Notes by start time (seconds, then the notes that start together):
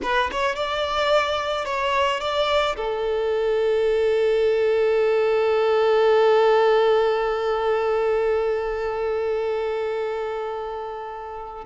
0.02 B4
0.31 C#5
0.55 D5
1.65 C#5
2.20 D5
2.76 A4